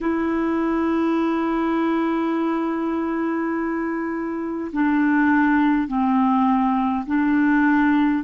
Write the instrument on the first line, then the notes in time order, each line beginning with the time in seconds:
clarinet
0.01 E4
4.73 D4
5.87 C4
7.06 D4